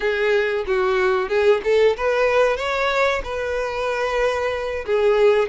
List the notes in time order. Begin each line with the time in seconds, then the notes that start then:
0.00 G#4
0.66 F#4
1.28 G#4
1.64 A4
1.96 B4
2.57 C#5
3.24 B4
4.86 G#4